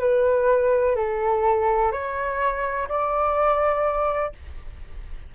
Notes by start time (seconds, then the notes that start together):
0.00 B4
0.96 A4
1.92 C#5
2.89 D5